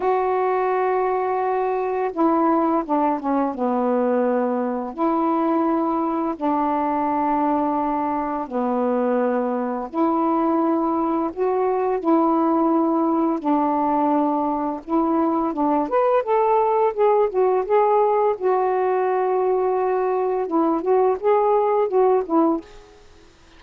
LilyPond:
\new Staff \with { instrumentName = "saxophone" } { \time 4/4 \tempo 4 = 85 fis'2. e'4 | d'8 cis'8 b2 e'4~ | e'4 d'2. | b2 e'2 |
fis'4 e'2 d'4~ | d'4 e'4 d'8 b'8 a'4 | gis'8 fis'8 gis'4 fis'2~ | fis'4 e'8 fis'8 gis'4 fis'8 e'8 | }